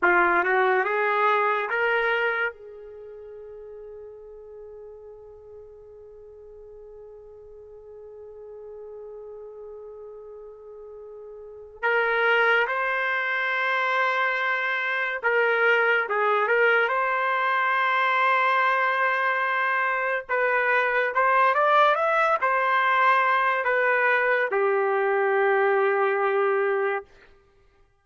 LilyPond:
\new Staff \with { instrumentName = "trumpet" } { \time 4/4 \tempo 4 = 71 f'8 fis'8 gis'4 ais'4 gis'4~ | gis'1~ | gis'1~ | gis'2 ais'4 c''4~ |
c''2 ais'4 gis'8 ais'8 | c''1 | b'4 c''8 d''8 e''8 c''4. | b'4 g'2. | }